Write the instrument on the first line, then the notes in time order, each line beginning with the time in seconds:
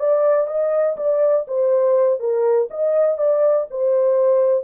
horn
0.00 D5
0.48 D#5
0.97 D5
1.48 C5
2.20 A#4
2.71 D#5
3.18 D5
3.71 C5